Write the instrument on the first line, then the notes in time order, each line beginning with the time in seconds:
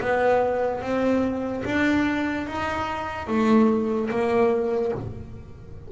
double bass
0.00 B3
0.81 C4
1.64 D4
2.47 D#4
3.27 A3
4.10 A#3